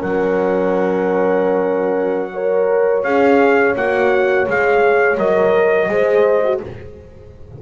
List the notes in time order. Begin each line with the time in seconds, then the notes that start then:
0.00 F#3 C#4 A#4 F#5
2.34 A#4 C#5
3.04 C#4 G#4 F5
3.76 A#3 F#4 F#5
4.48 G#3 G#4 F5
5.18 F#3 A#4 D#5
5.89 G#3 G#4 C5
6.45 F#4